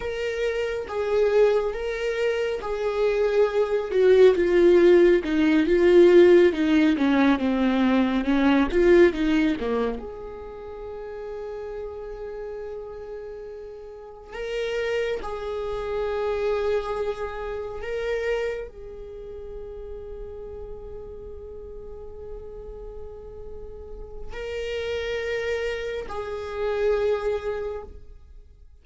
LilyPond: \new Staff \with { instrumentName = "viola" } { \time 4/4 \tempo 4 = 69 ais'4 gis'4 ais'4 gis'4~ | gis'8 fis'8 f'4 dis'8 f'4 dis'8 | cis'8 c'4 cis'8 f'8 dis'8 ais8 gis'8~ | gis'1~ |
gis'8 ais'4 gis'2~ gis'8~ | gis'8 ais'4 gis'2~ gis'8~ | gis'1 | ais'2 gis'2 | }